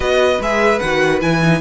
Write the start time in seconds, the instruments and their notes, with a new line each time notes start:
0.00 cello B3, viola F#4, violin B4 D#5
0.40 cello G#3, viola G#4, violin E5
0.79 cello D#3, viola F#4, violin F#5
1.21 cello E3, viola E4, violin G#5
1.42 viola D#4